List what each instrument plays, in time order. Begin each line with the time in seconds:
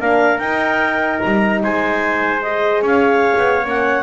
0.00 double bass A#3, horn D4, trumpet A#4, clarinet F5
0.39 double bass D#4, horn D#4, clarinet G5
1.21 double bass G3, clarinet A#5
1.63 double bass G#3, trumpet C5, clarinet G#5
2.42 horn G#4, clarinet D#5
2.82 double bass C#4, trumpet C#5, clarinet F5
3.38 double bass B3
3.64 double bass A#3, horn C#4, clarinet F#5